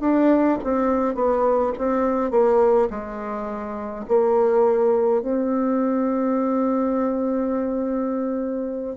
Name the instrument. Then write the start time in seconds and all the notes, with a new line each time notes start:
bassoon
0.00 D4
0.63 C4
1.15 B3
1.78 C4
2.31 A#3
2.90 G#3
4.08 A#3
5.22 C4